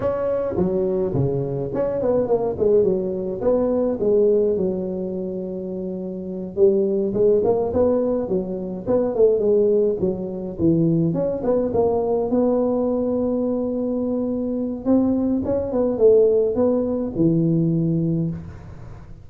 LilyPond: \new Staff \with { instrumentName = "tuba" } { \time 4/4 \tempo 4 = 105 cis'4 fis4 cis4 cis'8 b8 | ais8 gis8 fis4 b4 gis4 | fis2.~ fis8 g8~ | g8 gis8 ais8 b4 fis4 b8 |
a8 gis4 fis4 e4 cis'8 | b8 ais4 b2~ b8~ | b2 c'4 cis'8 b8 | a4 b4 e2 | }